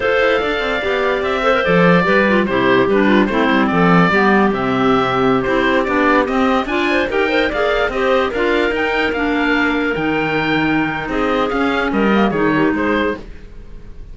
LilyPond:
<<
  \new Staff \with { instrumentName = "oboe" } { \time 4/4 \tempo 4 = 146 f''2. e''4 | d''2 c''4 b'4 | c''4 d''2 e''4~ | e''4~ e''16 c''4 d''4 dis''8.~ |
dis''16 gis''4 g''4 f''4 dis''8.~ | dis''16 f''4 g''4 f''4.~ f''16~ | f''16 g''2~ g''8. dis''4 | f''4 dis''4 cis''4 c''4 | }
  \new Staff \with { instrumentName = "clarinet" } { \time 4/4 c''4 d''2~ d''8 c''8~ | c''4 b'4 g'4. f'8 | e'4 a'4 g'2~ | g'1~ |
g'16 d''8 c''8 ais'8 c''8 d''4 c''8.~ | c''16 ais'2.~ ais'8.~ | ais'2. gis'4~ | gis'4 ais'4 gis'8 g'8 gis'4 | }
  \new Staff \with { instrumentName = "clarinet" } { \time 4/4 a'2 g'4. a'16 ais'16 | a'4 g'8 f'8 e'4 d'4 | c'2 b4 c'4~ | c'4~ c'16 e'4 d'4 c'8.~ |
c'16 f'4 g'8 ais'8 gis'4 g'8.~ | g'16 f'4 dis'4 d'4.~ d'16~ | d'16 dis'2.~ dis'8. | cis'4. ais8 dis'2 | }
  \new Staff \with { instrumentName = "cello" } { \time 4/4 f'8 e'8 d'8 c'8 b4 c'4 | f4 g4 c4 g4 | a8 g8 f4 g4 c4~ | c4~ c16 c'4 b4 c'8.~ |
c'16 d'4 dis'4 ais4 c'8.~ | c'16 d'4 dis'4 ais4.~ ais16~ | ais16 dis2~ dis8. c'4 | cis'4 g4 dis4 gis4 | }
>>